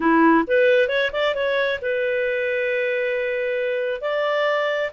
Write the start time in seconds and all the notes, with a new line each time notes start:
0.00 E4
0.47 B4
0.88 C#5
1.12 D5
1.34 C#5
1.81 B4
4.01 D5